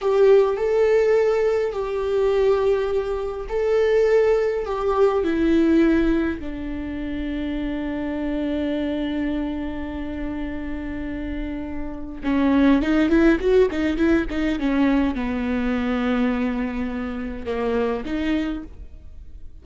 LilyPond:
\new Staff \with { instrumentName = "viola" } { \time 4/4 \tempo 4 = 103 g'4 a'2 g'4~ | g'2 a'2 | g'4 e'2 d'4~ | d'1~ |
d'1~ | d'4 cis'4 dis'8 e'8 fis'8 dis'8 | e'8 dis'8 cis'4 b2~ | b2 ais4 dis'4 | }